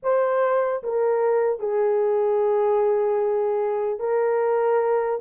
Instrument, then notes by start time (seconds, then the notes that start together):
horn
0.03 C5
0.83 A#4
1.59 G#4
3.99 A#4